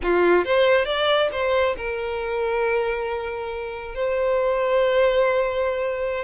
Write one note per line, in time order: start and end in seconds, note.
0.02 0.44 F4
0.44 0.85 C5
0.85 1.29 D5
1.32 1.76 C5
1.76 3.94 A#4
3.94 6.24 C5